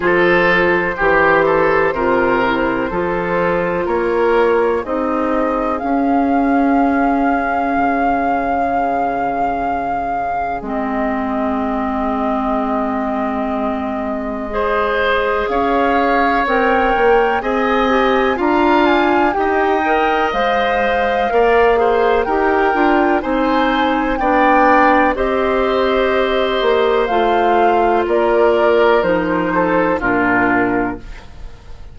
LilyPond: <<
  \new Staff \with { instrumentName = "flute" } { \time 4/4 \tempo 4 = 62 c''1 | cis''4 dis''4 f''2~ | f''2. dis''4~ | dis''1 |
f''4 g''4 gis''4 ais''8 gis''8 | g''4 f''2 g''4 | gis''4 g''4 dis''2 | f''4 d''4 c''4 ais'4 | }
  \new Staff \with { instrumentName = "oboe" } { \time 4/4 a'4 g'8 a'8 ais'4 a'4 | ais'4 gis'2.~ | gis'1~ | gis'2. c''4 |
cis''2 dis''4 f''4 | dis''2 d''8 c''8 ais'4 | c''4 d''4 c''2~ | c''4 ais'4. a'8 f'4 | }
  \new Staff \with { instrumentName = "clarinet" } { \time 4/4 f'4 g'4 f'8 e'8 f'4~ | f'4 dis'4 cis'2~ | cis'2. c'4~ | c'2. gis'4~ |
gis'4 ais'4 gis'8 g'8 f'4 | g'8 ais'8 c''4 ais'8 gis'8 g'8 f'8 | dis'4 d'4 g'2 | f'2 dis'4 d'4 | }
  \new Staff \with { instrumentName = "bassoon" } { \time 4/4 f4 e4 c4 f4 | ais4 c'4 cis'2 | cis2. gis4~ | gis1 |
cis'4 c'8 ais8 c'4 d'4 | dis'4 gis4 ais4 dis'8 d'8 | c'4 b4 c'4. ais8 | a4 ais4 f4 ais,4 | }
>>